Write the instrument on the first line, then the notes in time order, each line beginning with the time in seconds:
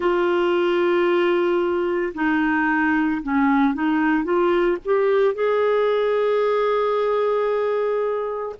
clarinet
0.00 F4
2.14 D#4
3.22 C#4
3.74 D#4
4.24 F4
4.85 G4
5.34 G#4